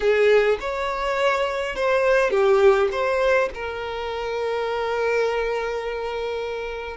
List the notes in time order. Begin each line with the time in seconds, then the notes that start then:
0.00 G#4
0.60 C#5
1.75 C5
2.30 G4
2.91 C5
3.54 A#4